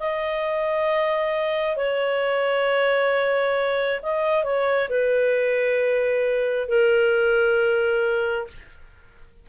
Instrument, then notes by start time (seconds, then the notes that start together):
clarinet
0.00 D#5
1.77 C#5
4.03 D#5
4.44 C#5
4.90 B4
6.68 A#4